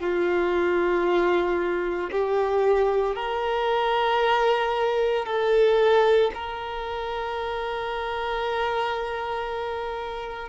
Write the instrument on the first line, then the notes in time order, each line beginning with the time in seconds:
violin
0.00 F4
2.11 G4
3.15 A#4
5.26 A4
6.34 A#4